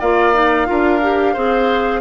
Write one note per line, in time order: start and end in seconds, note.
0.00 0.68 A#3
0.00 0.34 F4
0.00 0.67 D5
0.00 2.01 F5
0.34 0.66 D#4
0.66 1.37 D4
0.66 1.00 F4
0.66 1.33 A#4
1.02 1.36 G4
1.33 2.01 C4
1.33 2.01 G#4
1.33 2.01 C5